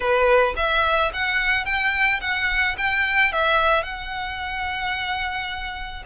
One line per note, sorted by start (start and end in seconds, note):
0.00 0.54 B4
0.56 1.11 E5
1.13 1.65 F#5
1.65 2.20 G5
2.20 2.75 F#5
2.77 3.32 G5
3.32 3.83 E5
3.83 6.03 F#5